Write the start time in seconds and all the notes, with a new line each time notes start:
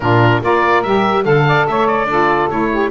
0.00 A#2 D4 F4 A#4
0.41 A#3 F4 A#4 D5
0.82 G3 G4 E5
1.23 D3 A4 F5
1.47 D5
1.66 A3 C#5 E5
1.87 D5
2.05 D4 F4 A4
2.49 A3 E4 C#5
2.71 G4